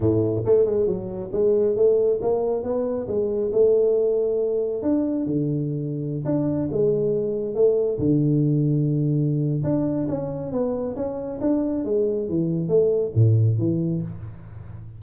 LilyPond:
\new Staff \with { instrumentName = "tuba" } { \time 4/4 \tempo 4 = 137 a,4 a8 gis8 fis4 gis4 | a4 ais4 b4 gis4 | a2. d'4 | d2~ d16 d'4 gis8.~ |
gis4~ gis16 a4 d4.~ d16~ | d2 d'4 cis'4 | b4 cis'4 d'4 gis4 | e4 a4 a,4 e4 | }